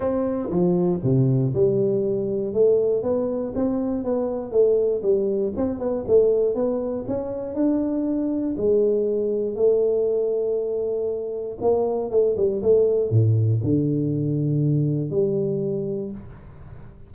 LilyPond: \new Staff \with { instrumentName = "tuba" } { \time 4/4 \tempo 4 = 119 c'4 f4 c4 g4~ | g4 a4 b4 c'4 | b4 a4 g4 c'8 b8 | a4 b4 cis'4 d'4~ |
d'4 gis2 a4~ | a2. ais4 | a8 g8 a4 a,4 d4~ | d2 g2 | }